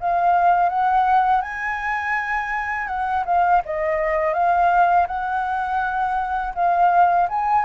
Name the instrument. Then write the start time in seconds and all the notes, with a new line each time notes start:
flute
0.00 F5
0.69 F#5
1.42 G#5
2.87 F#5
3.26 F5
3.65 D#5
4.34 F5
5.07 F#5
6.55 F5
7.29 G#5